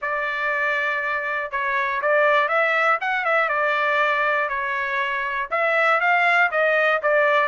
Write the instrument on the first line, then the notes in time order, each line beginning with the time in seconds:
trumpet
0.01 D5
1.51 C#5
2.01 D5
2.48 E5
3.00 F#5
3.25 E5
3.48 D5
4.49 C#5
5.50 E5
6.00 F5
6.51 D#5
7.02 D5